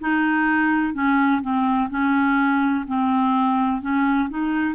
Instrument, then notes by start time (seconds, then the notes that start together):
clarinet
0.00 D#4
0.94 C#4
1.42 C4
1.90 C#4
2.87 C4
3.81 C#4
4.29 D#4